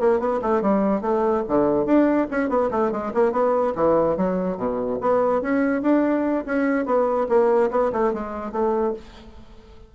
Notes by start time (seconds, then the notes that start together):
0.00 A#3
0.20 B3
0.42 A3
0.62 G3
1.02 A3
1.48 D3
1.86 D4
2.31 C#4
2.49 B3
2.71 A3
2.92 G#3
3.14 A#3
3.32 B3
3.75 E3
4.17 F#3
4.57 B2
5.01 B3
5.42 C#4
5.82 D4
6.46 C#4
6.86 B3
7.29 A#3
7.71 B3
7.93 A3
8.13 G#3
8.52 A3